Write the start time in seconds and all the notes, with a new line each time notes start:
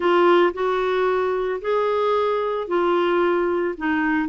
0.00 F4
0.53 F#4
1.61 G#4
2.67 F4
3.77 D#4